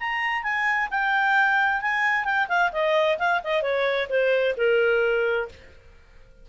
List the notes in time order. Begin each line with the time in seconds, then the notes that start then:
0.00 A#5
0.43 G#5
0.91 G5
1.82 G#5
2.25 G5
2.49 F5
2.73 D#5
3.19 F5
3.44 D#5
3.62 C#5
4.10 C5
4.57 A#4